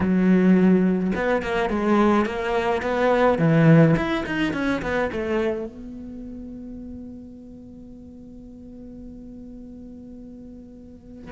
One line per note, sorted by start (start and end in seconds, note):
0.00 1.12 F#3
1.15 1.42 B3
1.42 1.69 A#3
1.69 2.25 G#3
2.25 2.82 A#3
2.82 3.38 B3
3.38 3.95 E3
3.96 4.24 E4
4.26 4.53 D#4
4.53 4.81 C#4
4.82 5.10 B3
5.12 5.66 A3
5.66 11.31 B3